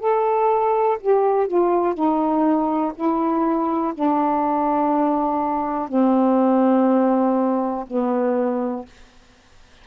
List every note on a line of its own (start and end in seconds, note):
0.00 0.98 A4
1.01 1.48 G4
1.48 1.94 F4
1.94 2.93 D#4
2.96 3.94 E4
3.95 5.89 D4
5.89 7.86 C4
7.87 8.86 B3